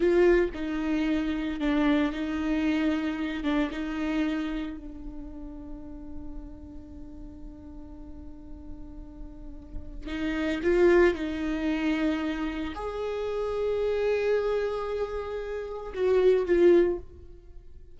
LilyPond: \new Staff \with { instrumentName = "viola" } { \time 4/4 \tempo 4 = 113 f'4 dis'2 d'4 | dis'2~ dis'8 d'8 dis'4~ | dis'4 d'2.~ | d'1~ |
d'2. dis'4 | f'4 dis'2. | gis'1~ | gis'2 fis'4 f'4 | }